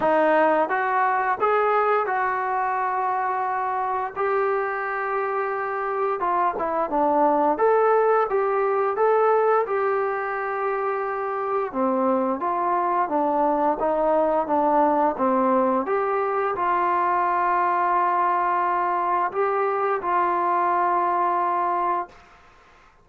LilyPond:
\new Staff \with { instrumentName = "trombone" } { \time 4/4 \tempo 4 = 87 dis'4 fis'4 gis'4 fis'4~ | fis'2 g'2~ | g'4 f'8 e'8 d'4 a'4 | g'4 a'4 g'2~ |
g'4 c'4 f'4 d'4 | dis'4 d'4 c'4 g'4 | f'1 | g'4 f'2. | }